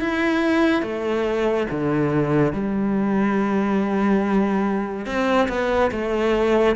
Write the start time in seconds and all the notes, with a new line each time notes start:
0.00 E4
0.82 A3
1.70 D3
2.52 G3
5.06 C4
5.48 B3
5.91 A3